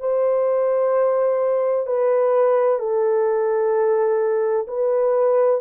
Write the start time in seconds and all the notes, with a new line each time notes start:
0.00 C5
1.87 B4
2.80 A4
4.67 B4